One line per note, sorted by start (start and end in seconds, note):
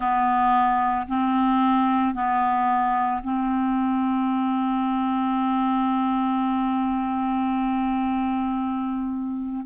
0.00 1.06 B3
1.08 2.14 C4
2.14 3.21 B3
3.23 9.66 C4